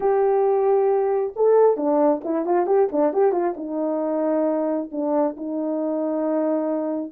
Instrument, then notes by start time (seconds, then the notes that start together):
horn
0.00 G4
1.36 A4
1.76 D4
2.24 E4
2.45 F4
2.66 G4
2.92 D4
3.13 G4
3.32 F4
3.56 D#4
4.91 D4
5.36 D#4